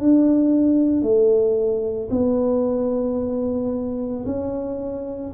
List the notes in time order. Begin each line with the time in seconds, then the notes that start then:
0.00 D4
1.03 A3
2.11 B3
4.26 C#4